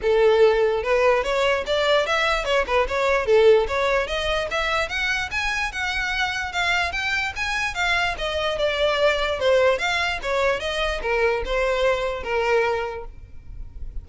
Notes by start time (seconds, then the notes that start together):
0.02 A4
0.83 B4
1.23 C#5
1.66 D5
2.06 E5
2.45 C#5
2.66 B4
2.88 C#5
3.26 A4
3.67 C#5
4.07 D#5
4.50 E5
4.88 F#5
5.31 G#5
5.71 F#5
6.52 F5
6.92 G5
7.36 G#5
7.74 F5
8.18 D#5
8.58 D5
9.39 C5
9.78 F5
10.22 C#5
10.60 D#5
11.01 A#4
11.45 C5
12.23 A#4